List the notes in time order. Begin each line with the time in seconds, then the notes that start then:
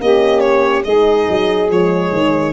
0.00 A#3 C#4 G4 D#5
0.40 C#5
0.84 G#3 D#4 G#4 D#5
1.29 F#3
1.69 F3 G#3 C#5
2.12 D#3